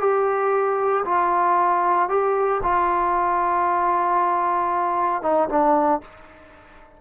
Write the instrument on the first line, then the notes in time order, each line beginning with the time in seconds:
trombone
0.00 G4
1.05 F4
2.09 G4
2.63 F4
5.22 D#4
5.49 D4